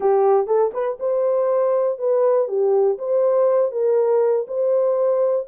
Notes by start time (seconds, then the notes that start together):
0.00 G4
0.47 A4
0.73 B4
0.99 C5
1.98 B4
2.48 G4
2.98 C5
3.71 A#4
4.47 C5